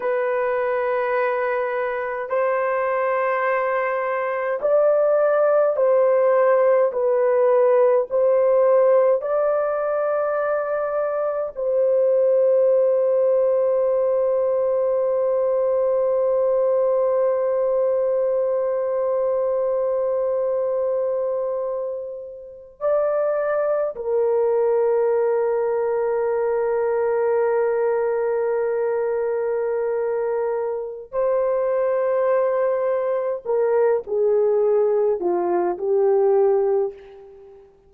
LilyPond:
\new Staff \with { instrumentName = "horn" } { \time 4/4 \tempo 4 = 52 b'2 c''2 | d''4 c''4 b'4 c''4 | d''2 c''2~ | c''1~ |
c''2.~ c''8. d''16~ | d''8. ais'2.~ ais'16~ | ais'2. c''4~ | c''4 ais'8 gis'4 f'8 g'4 | }